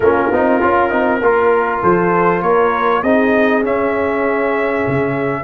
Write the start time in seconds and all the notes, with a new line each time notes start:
0.00 A#3 C#4 F4 A#4
0.31 C4 D#4
0.61 C#4 F4
0.90 C4 D#4
1.20 A#3 F4 A#4
1.82 F3 A4 C5
2.40 A#3 A#4 C#5
3.02 C4 D#4 G#4 D#5
3.63 C#4 E5
4.87 C#3